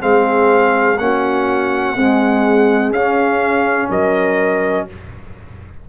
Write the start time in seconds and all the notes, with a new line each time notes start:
0.00 G#3 C4 G#4 F5
0.99 A#3 C#4 F#4 F#5
1.96 G#3 C4 G#4
2.91 C#4 F5
3.89 F#3 A#4 D#5